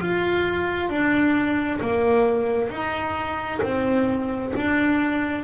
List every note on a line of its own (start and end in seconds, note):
0.00 0.89 F4
0.89 1.80 D4
1.81 2.69 A#3
2.69 3.60 D#4
3.62 4.52 C4
4.56 5.44 D4